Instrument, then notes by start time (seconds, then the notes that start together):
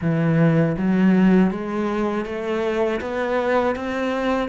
cello
0.01 E3
0.77 F#3
1.50 G#3
2.25 A3
3.00 B3
3.75 C4